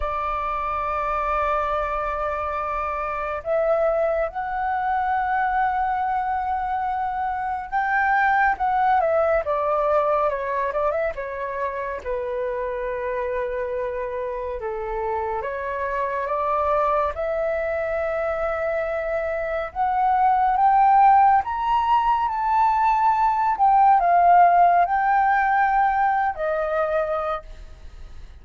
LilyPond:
\new Staff \with { instrumentName = "flute" } { \time 4/4 \tempo 4 = 70 d''1 | e''4 fis''2.~ | fis''4 g''4 fis''8 e''8 d''4 | cis''8 d''16 e''16 cis''4 b'2~ |
b'4 a'4 cis''4 d''4 | e''2. fis''4 | g''4 ais''4 a''4. g''8 | f''4 g''4.~ g''16 dis''4~ dis''16 | }